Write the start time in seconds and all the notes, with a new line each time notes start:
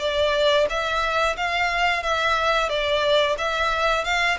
0.00 D5
0.70 E5
1.37 F5
2.03 E5
2.69 D5
3.38 E5
4.05 F5